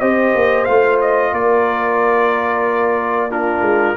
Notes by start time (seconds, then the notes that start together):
0.00 C4 G4 C5 D#5
0.35 A#3
0.64 A3 F4 F5
1.01 D#5
1.32 A#3 A#4 D5
3.30 D4 F4 A#4
3.61 G#3